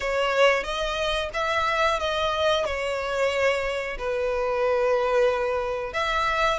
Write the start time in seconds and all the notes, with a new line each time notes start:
0.00 C#5
0.63 D#5
1.33 E5
1.99 D#5
2.65 C#5
3.98 B4
5.93 E5